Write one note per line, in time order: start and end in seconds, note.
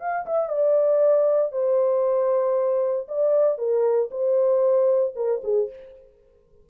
0.00 0.26 F5
0.26 0.49 E5
0.49 1.52 D5
1.52 3.08 C5
3.08 3.58 D5
3.58 4.10 A#4
4.11 5.14 C5
5.16 5.42 A#4
5.44 5.70 G#4